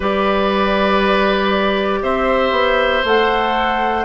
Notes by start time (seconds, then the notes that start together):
0.00 G3 G4 B4 D5
2.02 C4 C5 E5
2.51 B3
3.04 A3 A4 F#5